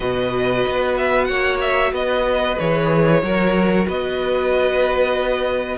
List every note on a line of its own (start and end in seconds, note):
0.00 0.65 B2
0.00 2.54 F#4
0.00 1.27 B4
0.00 0.96 D#5
0.66 1.29 B3
0.97 1.25 E5
1.25 1.92 A#3
1.25 1.92 C#5
1.25 1.57 F#5
1.60 1.93 E5
1.92 2.56 B3
1.92 3.21 B4
1.92 2.58 D#5
2.58 3.22 E3
2.58 3.23 G#4
2.58 3.87 C#5
3.22 3.86 F#3
3.22 5.78 F#4
3.22 3.87 A#4
3.87 5.78 B3
3.87 5.78 B4
3.87 5.78 D#5